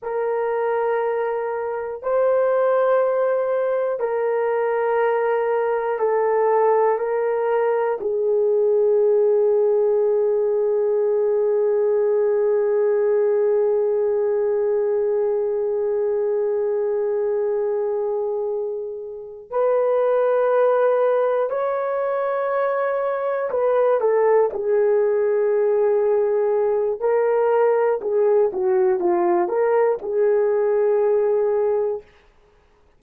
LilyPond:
\new Staff \with { instrumentName = "horn" } { \time 4/4 \tempo 4 = 60 ais'2 c''2 | ais'2 a'4 ais'4 | gis'1~ | gis'1~ |
gis'2.~ gis'8 b'8~ | b'4. cis''2 b'8 | a'8 gis'2~ gis'8 ais'4 | gis'8 fis'8 f'8 ais'8 gis'2 | }